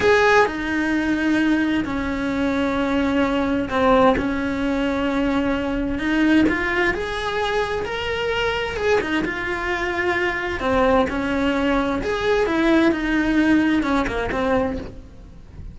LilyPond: \new Staff \with { instrumentName = "cello" } { \time 4/4 \tempo 4 = 130 gis'4 dis'2. | cis'1 | c'4 cis'2.~ | cis'4 dis'4 f'4 gis'4~ |
gis'4 ais'2 gis'8 dis'8 | f'2. c'4 | cis'2 gis'4 e'4 | dis'2 cis'8 ais8 c'4 | }